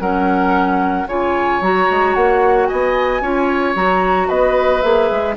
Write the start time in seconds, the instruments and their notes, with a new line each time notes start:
0.00 bassoon F#3, clarinet C#4, oboe A#4, flute F#5
1.06 bassoon C#3, clarinet F4, oboe C#5, flute G#5
1.61 bassoon F#3, clarinet F#4, flute A#5
1.90 bassoon G#3
2.14 bassoon A#3, flute F#5
2.67 bassoon B3, oboe D#5, flute G#5
3.21 bassoon C#4, clarinet F4, oboe C#5
3.75 bassoon F#3, clarinet F#4, flute A#5
4.28 bassoon B3, oboe B4, flute D#5
4.82 bassoon A#3, clarinet G#4, flute E5
5.11 bassoon G#3